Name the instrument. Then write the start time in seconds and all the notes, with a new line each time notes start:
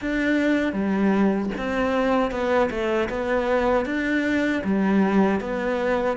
cello
0.01 D4
0.72 G3
1.57 C4
2.31 B3
2.70 A3
3.09 B3
3.85 D4
4.64 G3
5.40 B3